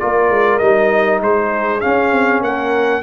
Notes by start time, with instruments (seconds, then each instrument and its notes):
0.00 tuba A#3, trombone F4, horn A#4, trumpet D5
0.30 tuba G#3
0.59 tuba G3, trombone D#4, trumpet D#5
1.21 tuba G#3, horn G#4, trumpet C5
1.81 trombone C#4, tuba C#4, trumpet F5
2.12 tuba C4
2.42 tuba A#3, horn A#4, trumpet F#5